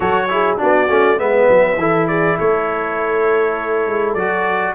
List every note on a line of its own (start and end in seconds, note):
0.00 0.58 F#3
0.00 0.28 F#4
0.00 0.28 A4
0.00 0.58 C#5
0.29 0.57 E4
0.29 0.59 G#4
0.57 0.89 B3
0.57 0.87 D4
0.57 1.19 F#4
0.57 1.19 D5
0.89 1.18 A3
0.89 1.18 C#4
1.18 1.48 G#3
1.18 1.77 B3
1.18 1.78 B4
1.18 2.07 E5
1.49 1.76 F#3
1.76 2.36 E3
1.76 4.17 E4
1.76 2.08 A4
2.07 2.37 G#4
2.07 2.37 D5
2.37 3.87 A3
2.37 4.74 A4
2.37 4.14 C#5
3.87 4.14 G#3
4.14 4.74 F#3
4.14 4.74 F#4
4.14 4.73 D5